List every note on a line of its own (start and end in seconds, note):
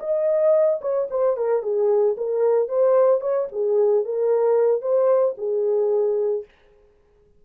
0.00 0.80 D#5
0.82 1.08 C#5
1.11 1.37 C5
1.37 1.63 A#4
1.63 2.16 G#4
2.17 2.69 A#4
2.69 3.21 C5
3.21 3.48 C#5
3.52 4.05 G#4
4.05 4.82 A#4
4.82 5.35 C5
5.38 6.45 G#4